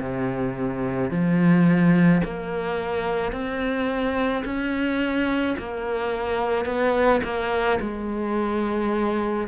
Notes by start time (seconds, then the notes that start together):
0.00 C3
1.11 F3
2.24 A#3
3.32 C4
4.45 C#4
5.58 A#3
6.66 B3
7.24 A#3
7.81 G#3